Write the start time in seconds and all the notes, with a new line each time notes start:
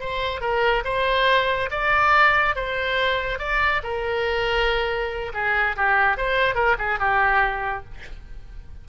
0.00 C5
0.41 A#4
0.85 C5
1.71 D5
2.56 C5
3.39 D5
3.83 A#4
5.33 G#4
5.76 G4
6.17 C5
6.55 A#4
6.79 G#4
6.99 G4